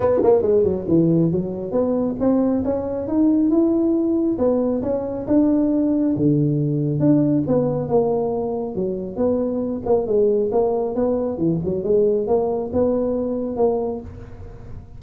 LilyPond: \new Staff \with { instrumentName = "tuba" } { \time 4/4 \tempo 4 = 137 b8 ais8 gis8 fis8 e4 fis4 | b4 c'4 cis'4 dis'4 | e'2 b4 cis'4 | d'2 d2 |
d'4 b4 ais2 | fis4 b4. ais8 gis4 | ais4 b4 e8 fis8 gis4 | ais4 b2 ais4 | }